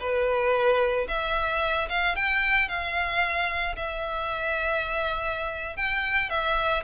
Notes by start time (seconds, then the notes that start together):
0.00 B4
1.08 E5
1.89 F5
2.16 G5
2.68 F5
3.76 E5
5.77 G5
6.30 E5